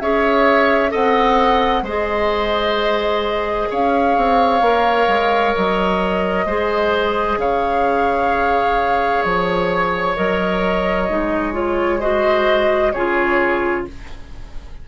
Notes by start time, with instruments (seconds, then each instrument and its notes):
0.00 bassoon C#4, clarinet G#4, oboe C#5, flute E5
0.90 bassoon C4, clarinet A4, oboe D#5, flute F#5
1.82 bassoon G#3, clarinet G#4, oboe C5, flute D#5
3.70 bassoon C#4, oboe C#5, flute F5
4.17 bassoon C4
4.61 bassoon A#3, clarinet A#4
5.08 bassoon G#3
5.55 bassoon F#3, flute D#5
6.46 bassoon G#3, clarinet G#4, oboe C5
7.37 bassoon C#3, oboe C#5, flute F5
9.23 bassoon F3, flute C#5
10.16 bassoon F#3, clarinet A#4, flute D#5
11.09 bassoon G#3, clarinet D#4
11.53 clarinet F4, flute C#5
12.00 clarinet F#4, oboe C5, flute D#5
12.92 bassoon C#3, clarinet F4, oboe G#4, flute C#5